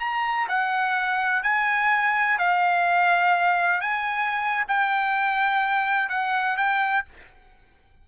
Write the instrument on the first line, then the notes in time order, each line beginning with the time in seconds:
trumpet
0.00 A#5
0.49 F#5
1.43 G#5
2.39 F5
3.81 G#5
4.68 G5
6.10 F#5
6.57 G5